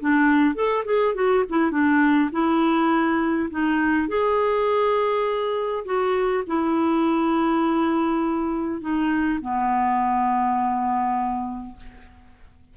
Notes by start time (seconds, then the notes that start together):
0.00 D4
0.55 A4
0.85 G#4
1.14 F#4
1.49 E4
1.71 D4
2.32 E4
3.50 D#4
4.08 G#4
5.85 F#4
6.47 E4
8.81 D#4
9.41 B3